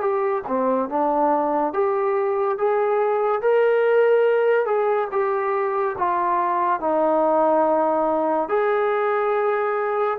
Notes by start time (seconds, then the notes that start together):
0.00 G4
0.48 C4
0.89 D4
1.73 G4
2.58 G#4
3.41 A#4
4.66 G#4
5.11 G4
5.98 F4
6.80 D#4
8.49 G#4